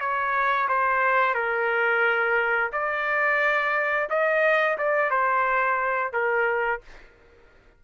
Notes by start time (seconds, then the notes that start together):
0.00 C#5
0.68 C5
1.35 A#4
2.72 D5
4.09 D#5
4.78 D5
5.10 C5
6.13 A#4